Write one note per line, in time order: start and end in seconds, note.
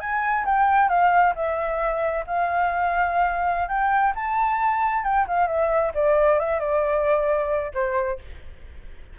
0.00 0.45 G#5
0.45 0.89 G5
0.89 1.34 F5
1.35 2.25 E5
2.27 3.68 F5
3.68 4.13 G5
4.15 5.04 A5
5.04 5.26 G5
5.27 5.47 F5
5.47 5.92 E5
5.94 6.39 D5
6.39 6.59 E5
6.59 7.71 D5
7.74 8.19 C5